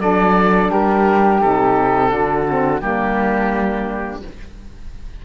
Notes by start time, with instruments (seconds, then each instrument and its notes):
0.00 cello F#3, saxophone D4, flute A4, oboe D5
0.71 cello G3, flute G4, oboe A#4
1.42 cello C3, saxophone D#4, oboe A4
2.09 cello D3, saxophone D4, flute F#4
2.49 saxophone C4
2.80 cello G3, saxophone A#3, flute D4, oboe G4